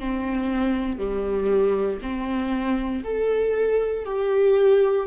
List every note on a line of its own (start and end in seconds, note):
0.00 0.98 C4
0.98 2.00 G3
2.02 3.04 C4
3.05 4.05 A4
4.05 5.07 G4